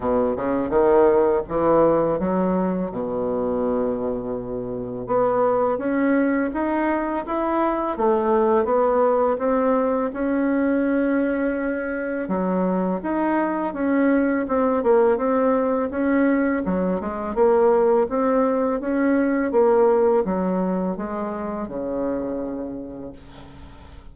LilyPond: \new Staff \with { instrumentName = "bassoon" } { \time 4/4 \tempo 4 = 83 b,8 cis8 dis4 e4 fis4 | b,2. b4 | cis'4 dis'4 e'4 a4 | b4 c'4 cis'2~ |
cis'4 fis4 dis'4 cis'4 | c'8 ais8 c'4 cis'4 fis8 gis8 | ais4 c'4 cis'4 ais4 | fis4 gis4 cis2 | }